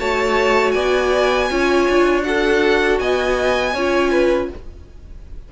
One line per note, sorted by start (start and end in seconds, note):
0.00 0.75 A3
0.00 1.50 F#4
0.00 0.74 C#5
0.00 0.71 A5
0.71 1.50 B3
0.71 1.49 D5
0.71 2.21 G#5
1.51 1.88 C#4
1.51 2.22 F4
1.51 2.26 C#5
1.89 3.00 D4
2.22 3.72 F#4
2.22 3.01 A4
2.22 2.99 F#5
2.99 3.74 B3
2.99 3.74 D#5
2.99 4.49 G#5
3.74 4.49 C#4
3.74 4.53 F4
3.74 4.11 C#5
4.11 4.49 B4